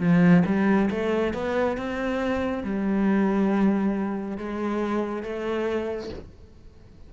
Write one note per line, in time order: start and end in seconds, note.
0.00 0.43 F3
0.46 0.89 G3
0.91 1.34 A3
1.34 1.77 B3
1.77 2.64 C4
2.64 4.38 G3
4.38 5.23 G#3
5.23 6.10 A3